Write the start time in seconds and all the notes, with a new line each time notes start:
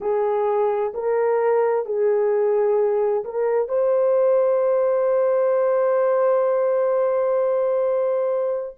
0.00 G#4
0.94 A#4
1.85 G#4
3.24 A#4
3.68 C5